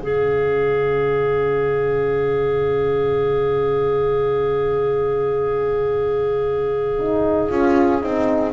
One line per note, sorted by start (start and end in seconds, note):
0.00 7.50 C#3
0.00 6.97 C#4
0.00 8.53 G#4
0.00 8.53 F5
6.98 7.49 D#4
7.49 8.03 C#4
7.49 8.01 F4
8.01 8.53 C4
8.01 8.53 D#4